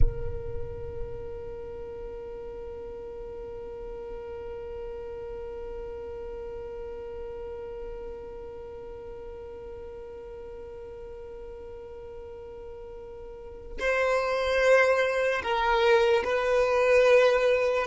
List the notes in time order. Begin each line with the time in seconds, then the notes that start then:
0.00 A#4
13.79 C5
15.42 A#4
16.23 B4